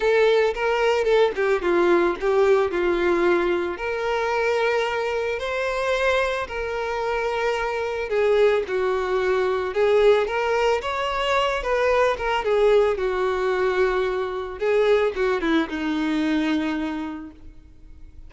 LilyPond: \new Staff \with { instrumentName = "violin" } { \time 4/4 \tempo 4 = 111 a'4 ais'4 a'8 g'8 f'4 | g'4 f'2 ais'4~ | ais'2 c''2 | ais'2. gis'4 |
fis'2 gis'4 ais'4 | cis''4. b'4 ais'8 gis'4 | fis'2. gis'4 | fis'8 e'8 dis'2. | }